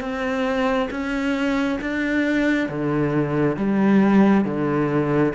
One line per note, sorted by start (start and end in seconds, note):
0.00 0.88 C4
0.90 1.78 C#4
1.81 2.69 D4
2.69 3.56 D3
3.56 4.44 G3
4.44 5.33 D3